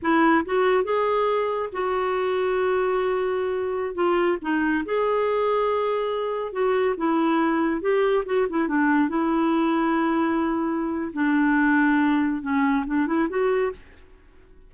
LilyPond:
\new Staff \with { instrumentName = "clarinet" } { \time 4/4 \tempo 4 = 140 e'4 fis'4 gis'2 | fis'1~ | fis'4~ fis'16 f'4 dis'4 gis'8.~ | gis'2.~ gis'16 fis'8.~ |
fis'16 e'2 g'4 fis'8 e'16~ | e'16 d'4 e'2~ e'8.~ | e'2 d'2~ | d'4 cis'4 d'8 e'8 fis'4 | }